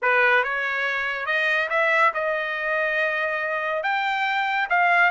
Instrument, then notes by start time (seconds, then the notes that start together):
trumpet
0.02 B4
0.43 C#5
1.26 D#5
1.69 E5
2.14 D#5
3.83 G5
4.69 F5